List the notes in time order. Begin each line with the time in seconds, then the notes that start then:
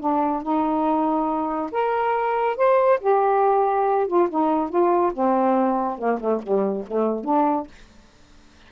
0.00 D4
0.43 D#4
1.72 A#4
2.57 C5
3.01 G4
4.08 F4
4.30 D#4
4.70 F4
5.14 C4
5.98 A#3
6.20 A3
6.43 G3
6.87 A3
7.24 D4